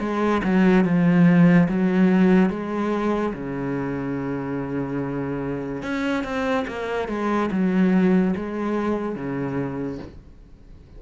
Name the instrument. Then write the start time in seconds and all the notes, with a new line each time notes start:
cello
0.00 G#3
0.44 F#3
0.85 F3
1.69 F#3
2.50 G#3
3.34 C#3
5.83 C#4
6.24 C4
6.68 A#3
7.08 G#3
7.52 F#3
8.36 G#3
9.16 C#3